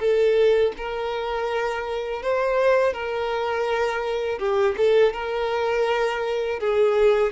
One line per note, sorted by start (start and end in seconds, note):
0.00 0.73 A4
0.77 2.23 A#4
2.23 2.94 C5
2.94 4.39 A#4
4.39 4.76 G4
4.78 5.14 A4
5.14 6.60 A#4
6.60 7.33 G#4